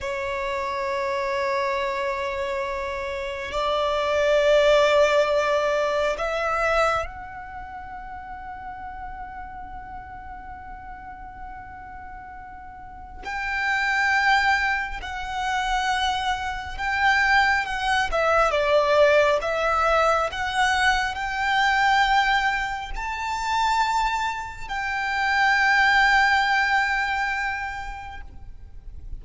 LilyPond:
\new Staff \with { instrumentName = "violin" } { \time 4/4 \tempo 4 = 68 cis''1 | d''2. e''4 | fis''1~ | fis''2. g''4~ |
g''4 fis''2 g''4 | fis''8 e''8 d''4 e''4 fis''4 | g''2 a''2 | g''1 | }